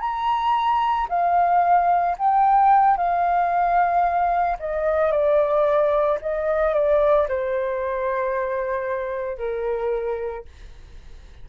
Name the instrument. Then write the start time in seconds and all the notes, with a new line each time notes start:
flute
0.00 A#5
1.09 F5
2.18 G5
2.97 F5
4.59 D#5
5.11 D5
6.21 D#5
6.73 D5
7.28 C5
9.37 A#4